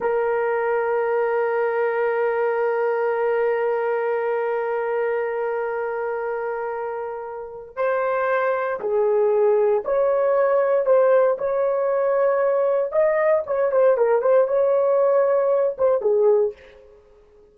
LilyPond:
\new Staff \with { instrumentName = "horn" } { \time 4/4 \tempo 4 = 116 ais'1~ | ais'1~ | ais'1~ | ais'2. c''4~ |
c''4 gis'2 cis''4~ | cis''4 c''4 cis''2~ | cis''4 dis''4 cis''8 c''8 ais'8 c''8 | cis''2~ cis''8 c''8 gis'4 | }